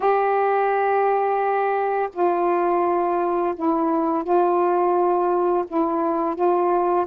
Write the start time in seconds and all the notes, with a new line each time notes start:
0.00 G4
2.13 F4
3.56 E4
4.24 F4
5.67 E4
6.35 F4